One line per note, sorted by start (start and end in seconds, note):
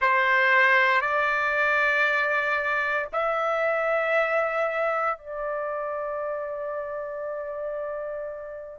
0.01 1.01 C5
1.01 3.08 D5
3.13 5.17 E5
5.17 8.79 D5